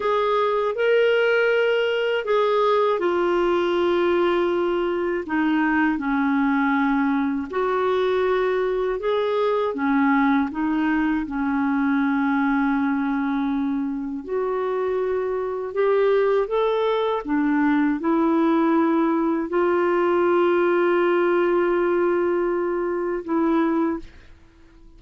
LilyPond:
\new Staff \with { instrumentName = "clarinet" } { \time 4/4 \tempo 4 = 80 gis'4 ais'2 gis'4 | f'2. dis'4 | cis'2 fis'2 | gis'4 cis'4 dis'4 cis'4~ |
cis'2. fis'4~ | fis'4 g'4 a'4 d'4 | e'2 f'2~ | f'2. e'4 | }